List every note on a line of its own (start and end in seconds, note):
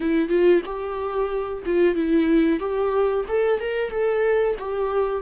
0.00 0.28 E4
0.28 0.61 F4
0.65 1.63 G4
1.65 1.95 F4
1.95 2.59 E4
2.59 3.24 G4
3.28 3.60 A4
3.60 3.90 A#4
3.90 4.55 A4
4.59 5.21 G4